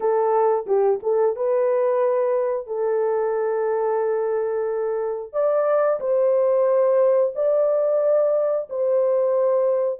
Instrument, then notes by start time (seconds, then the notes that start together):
horn
0.00 A4
0.66 G4
1.02 A4
1.36 B4
2.66 A4
5.32 D5
5.99 C5
7.35 D5
8.69 C5